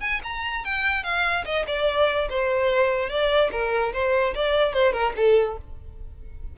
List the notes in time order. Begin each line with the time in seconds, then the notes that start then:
0.00 G#5
0.23 A#5
0.64 G5
1.03 F5
1.45 D#5
1.67 D5
2.29 C5
3.09 D5
3.51 A#4
3.93 C5
4.34 D5
4.73 C5
4.92 A#4
5.16 A4